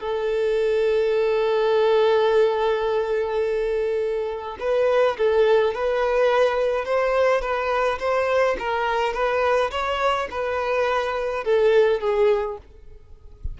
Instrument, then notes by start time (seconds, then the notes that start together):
violin
0.00 A4
4.59 B4
5.17 A4
5.74 B4
6.85 C5
7.41 B4
7.99 C5
8.59 A#4
9.13 B4
9.71 C#5
10.30 B4
11.44 A4
12.00 G#4